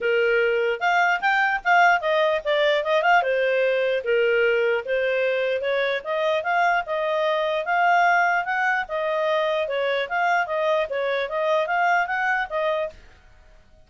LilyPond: \new Staff \with { instrumentName = "clarinet" } { \time 4/4 \tempo 4 = 149 ais'2 f''4 g''4 | f''4 dis''4 d''4 dis''8 f''8 | c''2 ais'2 | c''2 cis''4 dis''4 |
f''4 dis''2 f''4~ | f''4 fis''4 dis''2 | cis''4 f''4 dis''4 cis''4 | dis''4 f''4 fis''4 dis''4 | }